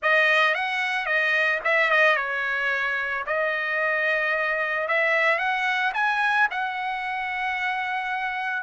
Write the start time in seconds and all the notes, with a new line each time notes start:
0.02 D#5
0.54 F#5
1.06 D#5
1.64 E5
1.90 D#5
2.16 C#5
3.26 D#5
4.88 E5
5.38 F#5
5.94 G#5
6.50 F#5